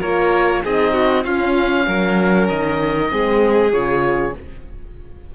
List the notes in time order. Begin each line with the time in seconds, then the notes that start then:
0.00 A#3 F4 A#4 C#5
0.64 C4 D#4 G#4 D#5
0.93 F#4
1.24 C#4 F4 F5
1.87 F#3 A#4
2.48 D#3 D#5
3.09 G#3 C4 G#4
3.72 C#3 F4 C#5